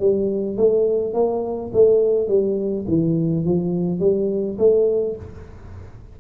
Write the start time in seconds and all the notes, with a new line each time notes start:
0.00 G3
0.57 A3
1.14 A#3
1.73 A3
2.28 G3
2.88 E3
3.45 F3
4.00 G3
4.59 A3